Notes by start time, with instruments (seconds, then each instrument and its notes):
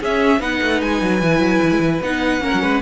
0.00 cello C#4, viola C#4, violin G#4 E5
0.40 cello B3, viola D#4, violin B4 F#5
0.62 cello A3
0.81 cello G#3, violin G#5
1.02 cello F#3
1.22 cello E3, viola E4
1.40 cello F#3
1.64 cello E3
1.72 cello G#3
1.79 cello E3
2.03 cello B3, viola D#4, violin F#5
2.40 cello A#3, viola C#4, violin A#4
2.54 cello F#3
2.62 cello G#3, violin B4